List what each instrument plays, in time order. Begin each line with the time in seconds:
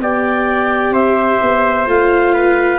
0.00 tuba B3, viola G4, trumpet D5, clarinet G5
0.90 tuba C4, trumpet C5, clarinet E5
1.42 tuba B3
1.86 tuba A3, viola F4, clarinet F5
2.34 trumpet B4